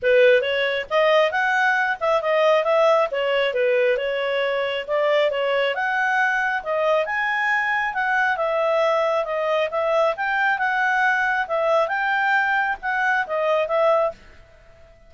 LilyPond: \new Staff \with { instrumentName = "clarinet" } { \time 4/4 \tempo 4 = 136 b'4 cis''4 dis''4 fis''4~ | fis''8 e''8 dis''4 e''4 cis''4 | b'4 cis''2 d''4 | cis''4 fis''2 dis''4 |
gis''2 fis''4 e''4~ | e''4 dis''4 e''4 g''4 | fis''2 e''4 g''4~ | g''4 fis''4 dis''4 e''4 | }